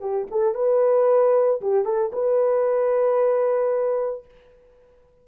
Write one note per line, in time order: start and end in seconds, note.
0.00 0.27 G4
0.31 0.55 A4
0.55 1.61 B4
1.61 1.85 G4
1.85 2.11 A4
2.12 4.25 B4